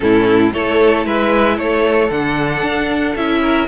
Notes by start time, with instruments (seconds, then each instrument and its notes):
0.00 cello A2, viola C#4, violin E4 A4
0.53 cello A3, viola E4, violin A4 C#5
1.05 cello G#3, violin B4 E5
1.56 cello A3, violin A4 C#5
2.10 cello D3, viola D4, violin F#5
2.62 cello D4
3.15 cello C#4, viola E4, violin E5
3.41 violin A#4